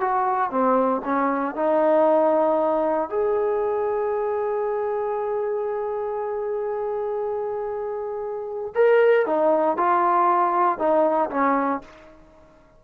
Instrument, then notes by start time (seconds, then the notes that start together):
trombone
0.00 F#4
0.50 C4
1.04 C#4
1.55 D#4
3.09 G#4
8.75 A#4
9.26 D#4
9.77 F4
10.78 D#4
11.30 C#4